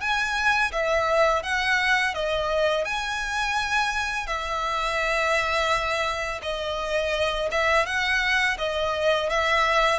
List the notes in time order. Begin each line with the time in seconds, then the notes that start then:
0.00 G#5
0.72 E5
1.43 F#5
2.14 D#5
2.84 G#5
4.27 E5
6.42 D#5
7.51 E5
7.86 F#5
8.58 D#5
9.29 E5